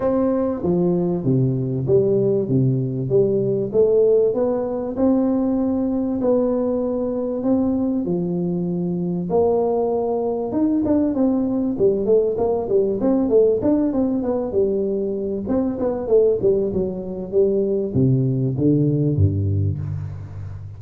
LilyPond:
\new Staff \with { instrumentName = "tuba" } { \time 4/4 \tempo 4 = 97 c'4 f4 c4 g4 | c4 g4 a4 b4 | c'2 b2 | c'4 f2 ais4~ |
ais4 dis'8 d'8 c'4 g8 a8 | ais8 g8 c'8 a8 d'8 c'8 b8 g8~ | g4 c'8 b8 a8 g8 fis4 | g4 c4 d4 g,4 | }